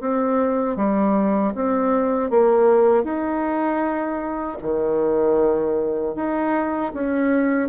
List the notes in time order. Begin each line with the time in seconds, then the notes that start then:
0.00 C4
0.76 G3
1.55 C4
2.30 A#3
3.03 D#4
4.62 D#3
6.15 D#4
6.94 C#4